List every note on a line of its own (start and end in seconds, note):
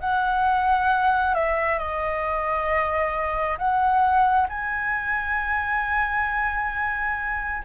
0.00 1.34 F#5
1.34 1.78 E5
1.78 3.57 D#5
3.58 4.47 F#5
4.49 7.62 G#5